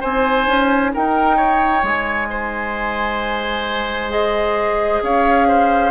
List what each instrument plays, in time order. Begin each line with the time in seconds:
0.00 bassoon C4, clarinet D#4, oboe C5, flute G#5
0.47 bassoon C#4
0.94 bassoon D#4, oboe A#4, flute G5
1.36 oboe C#5
1.83 bassoon G#3, flute G#5
2.30 oboe C5
4.09 clarinet G#4, flute D#5
5.02 bassoon C#4, oboe C#5, flute F5
5.48 oboe C5